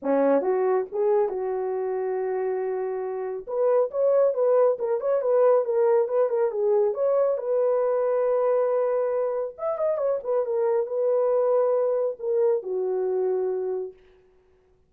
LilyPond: \new Staff \with { instrumentName = "horn" } { \time 4/4 \tempo 4 = 138 cis'4 fis'4 gis'4 fis'4~ | fis'1 | b'4 cis''4 b'4 ais'8 cis''8 | b'4 ais'4 b'8 ais'8 gis'4 |
cis''4 b'2.~ | b'2 e''8 dis''8 cis''8 b'8 | ais'4 b'2. | ais'4 fis'2. | }